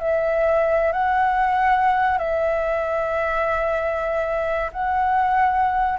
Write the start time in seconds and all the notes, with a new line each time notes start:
0.00 E5
0.93 F#5
2.18 E5
4.73 F#5